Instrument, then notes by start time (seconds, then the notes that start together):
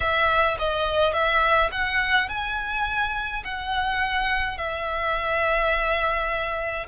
violin
0.00 E5
0.58 D#5
1.13 E5
1.71 F#5
2.29 G#5
3.44 F#5
4.57 E5